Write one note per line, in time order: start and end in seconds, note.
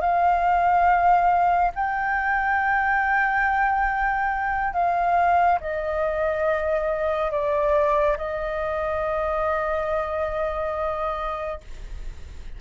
0.00 1.71 F5
1.75 4.73 G5
4.73 5.59 F5
5.60 7.31 D#5
7.31 8.17 D5
8.17 11.60 D#5